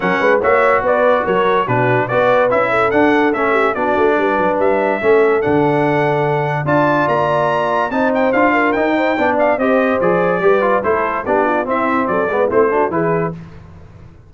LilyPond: <<
  \new Staff \with { instrumentName = "trumpet" } { \time 4/4 \tempo 4 = 144 fis''4 e''4 d''4 cis''4 | b'4 d''4 e''4 fis''4 | e''4 d''2 e''4~ | e''4 fis''2. |
a''4 ais''2 a''8 g''8 | f''4 g''4. f''8 dis''4 | d''2 c''4 d''4 | e''4 d''4 c''4 b'4 | }
  \new Staff \with { instrumentName = "horn" } { \time 4/4 ais'8 b'8 cis''4 b'4 ais'4 | fis'4 b'4. a'4.~ | a'8 g'8 fis'4 b'2 | a'1 |
d''2. c''4~ | c''8 ais'4 c''8 d''4 c''4~ | c''4 b'4 a'4 g'8 f'8 | e'4 a'8 b'8 e'8 fis'8 gis'4 | }
  \new Staff \with { instrumentName = "trombone" } { \time 4/4 cis'4 fis'2. | d'4 fis'4 e'4 d'4 | cis'4 d'2. | cis'4 d'2. |
f'2. dis'4 | f'4 dis'4 d'4 g'4 | gis'4 g'8 f'8 e'4 d'4 | c'4. b8 c'8 d'8 e'4 | }
  \new Staff \with { instrumentName = "tuba" } { \time 4/4 fis8 gis8 ais4 b4 fis4 | b,4 b4 cis'4 d'4 | a4 b8 a8 g8 fis8 g4 | a4 d2. |
d'4 ais2 c'4 | d'4 dis'4 b4 c'4 | f4 g4 a4 b4 | c'4 fis8 gis8 a4 e4 | }
>>